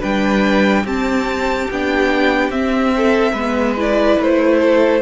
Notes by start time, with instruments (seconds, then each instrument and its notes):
0.00 cello G3, viola D4, violin B4 G5
0.85 cello C4, viola C4, violin G4 A5
1.71 cello B3, viola D4, violin G5
2.50 cello C4, viola C4, violin E5
2.97 violin A4
3.32 cello G#3, viola B3, violin B4
3.78 viola E4, violin D5
4.20 cello A3, violin C5
4.60 violin A4